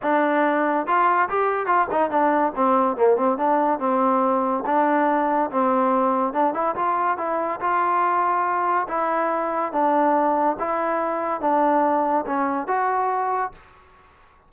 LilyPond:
\new Staff \with { instrumentName = "trombone" } { \time 4/4 \tempo 4 = 142 d'2 f'4 g'4 | f'8 dis'8 d'4 c'4 ais8 c'8 | d'4 c'2 d'4~ | d'4 c'2 d'8 e'8 |
f'4 e'4 f'2~ | f'4 e'2 d'4~ | d'4 e'2 d'4~ | d'4 cis'4 fis'2 | }